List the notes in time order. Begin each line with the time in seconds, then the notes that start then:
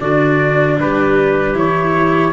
0.00 D3 D4 F#4 D5
0.79 G3 G4 B4
1.54 E3 E4 C#5